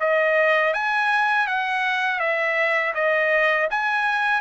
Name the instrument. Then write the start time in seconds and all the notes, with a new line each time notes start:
trumpet
0.00 D#5
0.74 G#5
1.47 F#5
2.20 E5
2.95 D#5
3.70 G#5